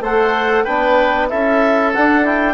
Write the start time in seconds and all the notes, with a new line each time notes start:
0.00 A3 A4 C5 F#5
0.64 B3 D4 B4 G5
1.29 C#4 E4 A4 E5
1.93 D4 F#5
2.23 E4 G5